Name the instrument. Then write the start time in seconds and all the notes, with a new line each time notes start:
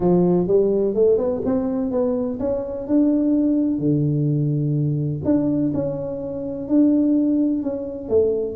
tuba
0.00 F3
0.47 G3
0.94 A3
1.17 B3
1.45 C4
1.91 B3
2.39 C#4
2.87 D4
3.78 D3
5.24 D4
5.73 C#4
6.68 D4
7.63 C#4
8.08 A3